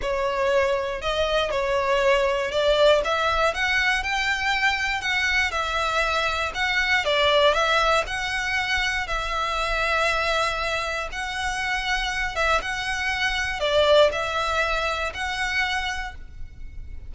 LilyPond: \new Staff \with { instrumentName = "violin" } { \time 4/4 \tempo 4 = 119 cis''2 dis''4 cis''4~ | cis''4 d''4 e''4 fis''4 | g''2 fis''4 e''4~ | e''4 fis''4 d''4 e''4 |
fis''2 e''2~ | e''2 fis''2~ | fis''8 e''8 fis''2 d''4 | e''2 fis''2 | }